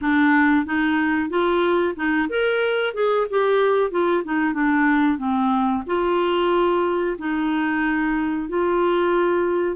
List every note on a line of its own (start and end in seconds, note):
0.01 0.65 D4
0.65 1.29 D#4
1.29 1.94 F4
1.96 2.28 D#4
2.29 2.93 A#4
2.93 3.26 G#4
3.30 3.90 G4
3.90 4.23 F4
4.24 4.53 D#4
4.53 5.18 D4
5.18 5.83 C4
5.86 7.16 F4
7.18 8.48 D#4
8.48 9.76 F4